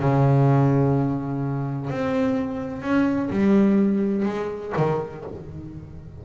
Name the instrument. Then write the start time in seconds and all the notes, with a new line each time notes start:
double bass
0.00 C#3
1.90 C4
2.82 C#4
3.30 G3
4.25 G#3
4.77 D#3